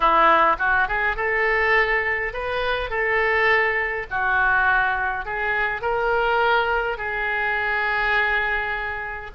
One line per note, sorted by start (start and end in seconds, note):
0.00 0.56 E4
0.58 0.87 F#4
0.88 1.16 G#4
1.16 2.33 A4
2.33 2.90 B4
2.90 4.06 A4
4.10 5.25 F#4
5.25 5.81 G#4
5.81 6.97 A#4
6.97 9.30 G#4